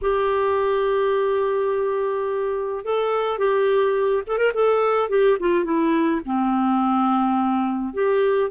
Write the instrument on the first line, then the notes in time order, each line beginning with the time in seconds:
clarinet
0.01 G4
2.85 A4
3.38 G4
4.26 A4
4.38 A#4
4.54 A4
5.09 G4
5.39 F4
5.64 E4
6.25 C4
7.93 G4